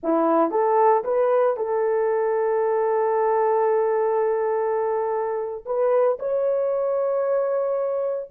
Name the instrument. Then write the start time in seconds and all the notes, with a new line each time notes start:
horn
0.03 E4
0.50 A4
1.04 B4
1.56 A4
5.65 B4
6.19 C#5